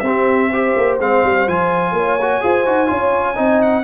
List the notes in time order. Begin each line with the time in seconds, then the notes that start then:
0.00 C4 G4 E5
0.06 C4
0.49 G4 C5
0.77 A#3
0.99 G#3 C4 F5
1.24 G3
1.48 F3 F4 G#5
1.92 A#3 C#5
2.22 F#4
2.41 F4 G#4 C5
2.66 D#4 F#4
2.87 C#4 F4 C#5
3.36 C4 D#4 D#5
3.62 F#5